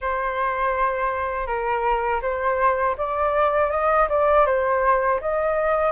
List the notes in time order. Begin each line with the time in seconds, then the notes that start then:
0.01 C5
1.46 A#4
2.22 C5
2.97 D5
3.70 D#5
4.09 D5
4.46 C5
5.20 D#5